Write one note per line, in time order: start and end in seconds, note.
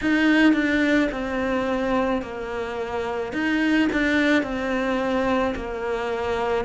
0.01 0.53 D#4
0.53 1.08 D4
1.11 2.22 C4
2.22 3.32 A#3
3.32 3.88 D#4
3.92 4.42 D4
4.42 5.54 C4
5.55 6.65 A#3